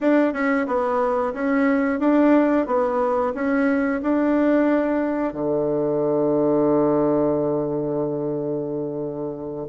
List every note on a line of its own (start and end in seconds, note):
0.01 0.33 D4
0.33 0.66 C#4
0.66 1.33 B3
1.33 1.99 C#4
1.99 2.66 D4
2.66 3.33 B3
3.34 4.01 C#4
4.02 5.33 D4
5.33 9.66 D3